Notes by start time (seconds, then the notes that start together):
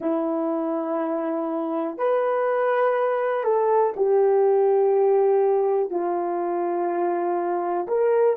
0.00 E4
1.97 B4
3.43 A4
3.96 G4
5.90 F4
7.87 A#4